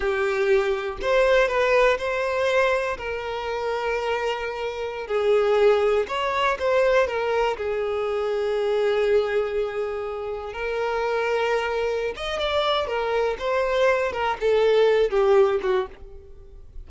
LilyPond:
\new Staff \with { instrumentName = "violin" } { \time 4/4 \tempo 4 = 121 g'2 c''4 b'4 | c''2 ais'2~ | ais'2~ ais'16 gis'4.~ gis'16~ | gis'16 cis''4 c''4 ais'4 gis'8.~ |
gis'1~ | gis'4~ gis'16 ais'2~ ais'8.~ | ais'8 dis''8 d''4 ais'4 c''4~ | c''8 ais'8 a'4. g'4 fis'8 | }